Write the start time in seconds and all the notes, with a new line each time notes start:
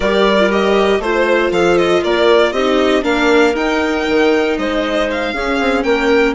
0.00 G3 G4 A#4 D5
0.39 F4
0.50 G4 D#5
0.99 A3 F4 C5
1.51 F3 A4 F5
1.77 D#5
2.03 A#3 A#4 D5
2.52 C4 D#4 G4 D#5
3.02 A#3 D4 A#4 F5
3.54 D#4 G5
4.08 D#3
4.57 G#3 C5 D#5
5.11 F5
5.33 C#4 G#4
5.59 C4
5.83 A#3 A#4 G5